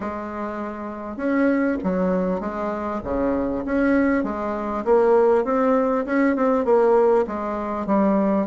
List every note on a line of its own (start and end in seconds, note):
0.00 1.17 G#3
1.17 1.77 C#4
1.83 2.40 F#3
2.40 3.01 G#3
3.04 3.64 C#3
3.65 4.23 C#4
4.23 4.84 G#3
4.84 5.44 A#3
5.44 6.05 C4
6.05 6.36 C#4
6.36 6.64 C4
6.64 7.25 A#3
7.27 7.86 G#3
7.86 8.47 G3